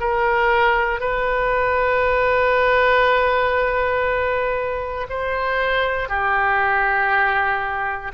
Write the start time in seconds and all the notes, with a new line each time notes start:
0.00 A#4
1.00 B4
5.09 C5
6.08 G4